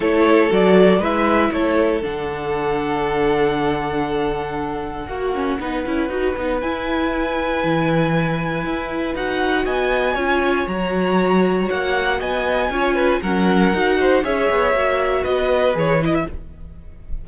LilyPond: <<
  \new Staff \with { instrumentName = "violin" } { \time 4/4 \tempo 4 = 118 cis''4 d''4 e''4 cis''4 | fis''1~ | fis''1~ | fis''4 gis''2.~ |
gis''2 fis''4 gis''4~ | gis''4 ais''2 fis''4 | gis''2 fis''2 | e''2 dis''4 cis''8 dis''16 e''16 | }
  \new Staff \with { instrumentName = "violin" } { \time 4/4 a'2 b'4 a'4~ | a'1~ | a'2 fis'4 b'4~ | b'1~ |
b'2. dis''4 | cis''1 | dis''4 cis''8 b'8 ais'4. c''8 | cis''2 b'2 | }
  \new Staff \with { instrumentName = "viola" } { \time 4/4 e'4 fis'4 e'2 | d'1~ | d'2 fis'8 cis'8 dis'8 e'8 | fis'8 dis'8 e'2.~ |
e'2 fis'2 | f'4 fis'2.~ | fis'4 f'4 cis'4 fis'4 | gis'4 fis'2 gis'8 e'8 | }
  \new Staff \with { instrumentName = "cello" } { \time 4/4 a4 fis4 gis4 a4 | d1~ | d2 ais4 b8 cis'8 | dis'8 b8 e'2 e4~ |
e4 e'4 dis'4 b4 | cis'4 fis2 ais4 | b4 cis'4 fis4 dis'4 | cis'8 b8 ais4 b4 e4 | }
>>